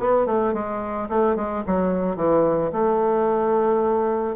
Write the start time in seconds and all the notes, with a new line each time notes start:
0.00 B3
0.27 A3
0.54 G#3
1.09 A3
1.36 G#3
1.67 F#3
2.17 E3
2.73 A3